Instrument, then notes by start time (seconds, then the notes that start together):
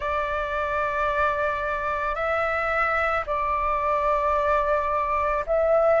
flute
0.00 D5
2.15 E5
3.26 D5
5.46 E5